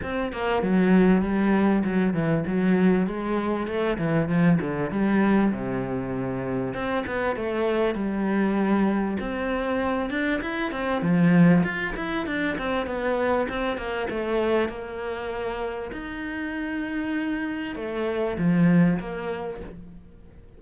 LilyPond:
\new Staff \with { instrumentName = "cello" } { \time 4/4 \tempo 4 = 98 c'8 ais8 fis4 g4 fis8 e8 | fis4 gis4 a8 e8 f8 d8 | g4 c2 c'8 b8 | a4 g2 c'4~ |
c'8 d'8 e'8 c'8 f4 f'8 e'8 | d'8 c'8 b4 c'8 ais8 a4 | ais2 dis'2~ | dis'4 a4 f4 ais4 | }